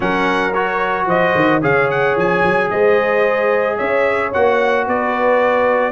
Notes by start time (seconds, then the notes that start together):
0.00 F#3 C#4 A#4 F#5
0.53 F#4 C#5
1.06 F3 C5 D#5
1.35 D#3
1.61 C#3 G#4 C#5 F5
1.90 F#5
2.16 F3 G#5
2.43 F#3
2.70 G#3 C5 D#5
3.76 C#4 C#5 E5
4.33 A#3 F#4 F#5
4.87 B3 B4 D5